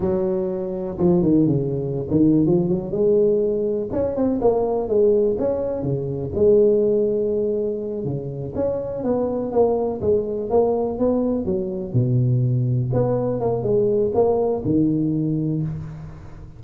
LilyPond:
\new Staff \with { instrumentName = "tuba" } { \time 4/4 \tempo 4 = 123 fis2 f8 dis8 cis4~ | cis16 dis8. f8 fis8 gis2 | cis'8 c'8 ais4 gis4 cis'4 | cis4 gis2.~ |
gis8 cis4 cis'4 b4 ais8~ | ais8 gis4 ais4 b4 fis8~ | fis8 b,2 b4 ais8 | gis4 ais4 dis2 | }